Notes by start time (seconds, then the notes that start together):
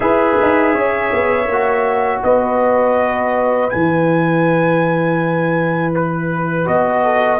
0.00 E4 G#4 B4 E5
0.41 D#4
0.74 C#4 C#5
1.12 B3
1.47 A#3 F#4
2.23 B3 B4 D#5
3.70 E3 E4 G#5
5.94 B4
6.64 B3 F#4 D#5
7.04 A4